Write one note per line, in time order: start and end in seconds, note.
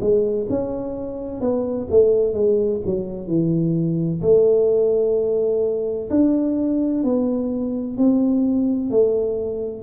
0.00 0.47 G#3
0.49 1.41 C#4
1.41 1.87 B3
1.90 2.33 A3
2.33 2.80 G#3
2.86 3.27 F#3
3.27 4.21 E3
4.21 6.09 A3
6.10 7.04 D4
7.04 7.97 B3
7.97 8.90 C4
8.90 9.82 A3